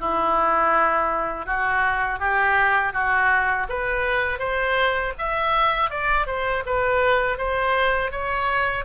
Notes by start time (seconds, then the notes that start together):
0.00 E4
1.46 F#4
2.20 G4
2.93 F#4
3.69 B4
4.39 C5
5.18 E5
5.90 D5
6.26 C5
6.66 B4
7.38 C5
8.11 C#5